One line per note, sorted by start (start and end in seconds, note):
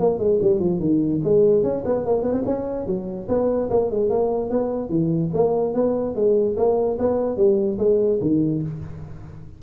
0.00 0.19 A#3
0.19 0.40 G#3
0.42 0.60 G3
0.60 0.80 F3
0.80 1.21 D#3
1.24 1.63 G#3
1.63 1.84 C#4
1.85 2.06 B3
2.06 2.23 A#3
2.23 2.33 B3
2.33 2.43 C4
2.46 2.87 C#4
2.87 3.28 F#3
3.29 3.70 B3
3.70 3.91 A#3
3.91 4.10 G#3
4.10 4.50 A#3
4.50 4.90 B3
4.90 5.31 E3
5.34 5.75 A#3
5.75 6.16 B3
6.16 6.57 G#3
6.57 6.98 A#3
6.99 7.37 B3
7.37 7.78 G3
7.79 8.20 G#3
8.22 8.63 D#3